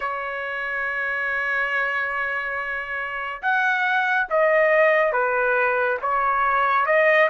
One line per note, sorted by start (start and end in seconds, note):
0.00 3.41 C#5
3.41 4.27 F#5
4.29 5.12 D#5
5.12 5.98 B4
6.01 6.86 C#5
6.86 7.29 D#5